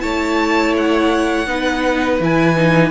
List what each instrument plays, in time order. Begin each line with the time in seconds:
0.00 cello A3, viola E4, violin C#5 A5
0.77 violin F#5
1.47 cello B3, viola D#4, violin B4
2.20 cello E3, viola E4, violin G#5
2.57 viola D#4